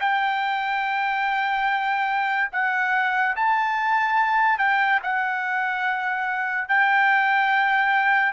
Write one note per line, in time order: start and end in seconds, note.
0.00 2.50 G5
2.52 3.36 F#5
3.36 4.59 A5
4.59 5.00 G5
5.03 6.68 F#5
6.68 8.33 G5